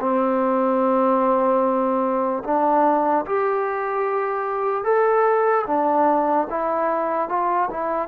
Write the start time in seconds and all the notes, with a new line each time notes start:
0.00 C4
2.44 D4
3.26 G4
4.84 A4
5.67 D4
6.50 E4
7.29 F4
7.70 E4